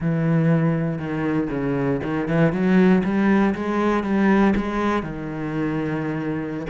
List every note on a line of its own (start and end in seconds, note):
0.00 0.98 E3
0.98 1.49 D#3
1.50 2.00 C#3
2.03 2.28 D#3
2.28 2.52 E3
2.52 3.03 F#3
3.03 3.54 G3
3.55 4.03 G#3
4.03 4.54 G3
4.56 5.02 G#3
5.02 6.66 D#3